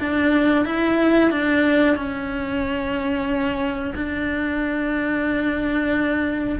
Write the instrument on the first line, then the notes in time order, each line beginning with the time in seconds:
cello
0.00 D4
0.65 E4
1.31 D4
1.96 C#4
3.95 D4